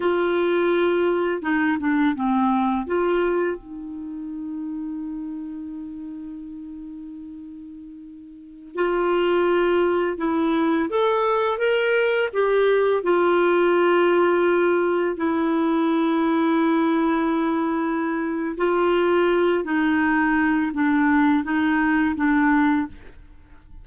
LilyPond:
\new Staff \with { instrumentName = "clarinet" } { \time 4/4 \tempo 4 = 84 f'2 dis'8 d'8 c'4 | f'4 dis'2.~ | dis'1~ | dis'16 f'2 e'4 a'8.~ |
a'16 ais'4 g'4 f'4.~ f'16~ | f'4~ f'16 e'2~ e'8.~ | e'2 f'4. dis'8~ | dis'4 d'4 dis'4 d'4 | }